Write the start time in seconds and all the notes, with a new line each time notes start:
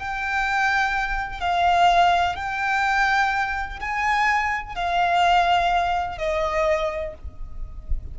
0.00 G5
1.41 F5
2.36 G5
3.81 G#5
4.76 F5
6.19 D#5